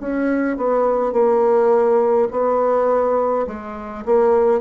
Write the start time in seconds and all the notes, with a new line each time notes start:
0.00 C#4
0.57 B3
1.12 A#3
2.31 B3
3.47 G#3
4.05 A#3